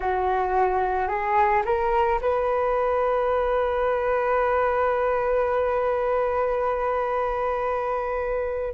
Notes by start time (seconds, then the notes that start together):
0.00 F#4
1.08 G#4
1.65 A#4
2.21 B4